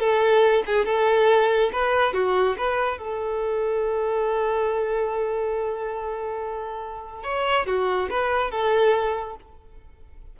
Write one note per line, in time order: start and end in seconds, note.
0.00 0.64 A4
0.67 0.86 G#4
0.86 1.71 A4
1.73 2.14 B4
2.14 2.56 F#4
2.58 2.98 B4
2.98 7.24 A4
7.24 7.66 C#5
7.67 8.09 F#4
8.11 8.51 B4
8.51 9.36 A4